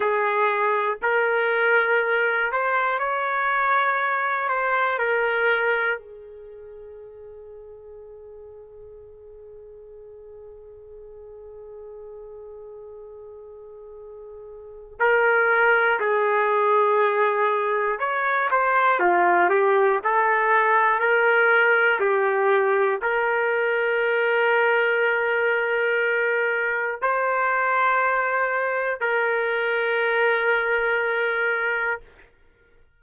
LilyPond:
\new Staff \with { instrumentName = "trumpet" } { \time 4/4 \tempo 4 = 60 gis'4 ais'4. c''8 cis''4~ | cis''8 c''8 ais'4 gis'2~ | gis'1~ | gis'2. ais'4 |
gis'2 cis''8 c''8 f'8 g'8 | a'4 ais'4 g'4 ais'4~ | ais'2. c''4~ | c''4 ais'2. | }